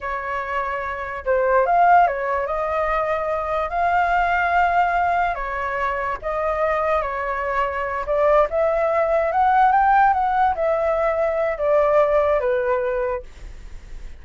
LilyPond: \new Staff \with { instrumentName = "flute" } { \time 4/4 \tempo 4 = 145 cis''2. c''4 | f''4 cis''4 dis''2~ | dis''4 f''2.~ | f''4 cis''2 dis''4~ |
dis''4 cis''2~ cis''8 d''8~ | d''8 e''2 fis''4 g''8~ | g''8 fis''4 e''2~ e''8 | d''2 b'2 | }